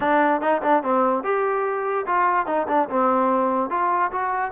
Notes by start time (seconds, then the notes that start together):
0.00 D4
0.41 D#4
0.62 D4
0.83 C4
1.23 G4
2.06 F4
2.46 D#4
2.68 D4
2.89 C4
3.70 F4
4.11 F#4